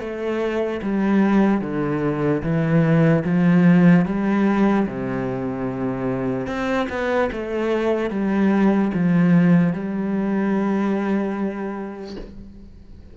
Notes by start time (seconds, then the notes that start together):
0.00 A3
0.83 G3
1.61 D3
2.43 E3
3.25 F3
4.05 G3
4.87 C3
6.47 C4
6.90 B3
7.33 A3
8.10 G3
8.94 F3
9.73 G3